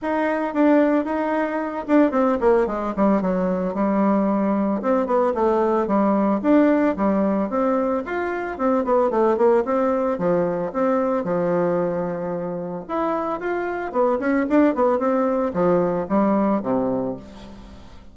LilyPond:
\new Staff \with { instrumentName = "bassoon" } { \time 4/4 \tempo 4 = 112 dis'4 d'4 dis'4. d'8 | c'8 ais8 gis8 g8 fis4 g4~ | g4 c'8 b8 a4 g4 | d'4 g4 c'4 f'4 |
c'8 b8 a8 ais8 c'4 f4 | c'4 f2. | e'4 f'4 b8 cis'8 d'8 b8 | c'4 f4 g4 c4 | }